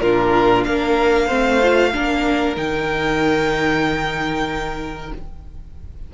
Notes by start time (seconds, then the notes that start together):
0.00 A#2 D4 F4 A#4
0.65 A#3 A#4 F5
1.27 A3 C4 C5
1.62 F4
1.93 A#3 D4 A#4
2.56 D#3 D#4 G5